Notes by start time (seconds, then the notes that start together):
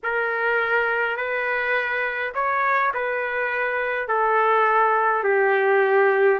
0.03 A#4
1.16 B4
2.34 C#5
2.94 B4
4.08 A4
5.23 G4